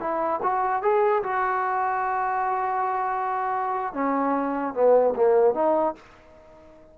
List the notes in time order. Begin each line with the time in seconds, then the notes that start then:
0.00 E4
0.42 F#4
0.83 G#4
1.23 F#4
3.94 C#4
4.74 B3
5.16 A#3
5.54 D#4